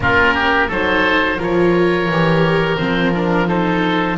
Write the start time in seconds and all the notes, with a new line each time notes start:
0.00 A#3 C#4 F4 A#4
0.34 G4
0.67 F#3 D#4 A4 C5
1.37 F3 F4 A#4 C#5
2.08 E3 G4
2.77 F3 C4 C5
3.14 D4 A#4
3.47 D#4 A4 C5